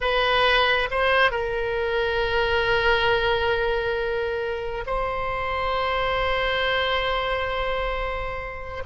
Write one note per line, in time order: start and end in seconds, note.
0.00 0.89 B4
0.90 1.31 C5
1.31 4.84 A#4
4.86 8.83 C5